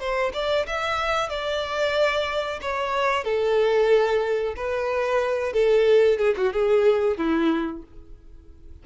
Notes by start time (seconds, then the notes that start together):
0.00 C5
0.34 D5
0.67 E5
1.30 D5
2.62 C#5
3.24 A4
4.57 B4
5.53 A4
6.18 G#4
6.37 F#4
6.53 G#4
7.17 E4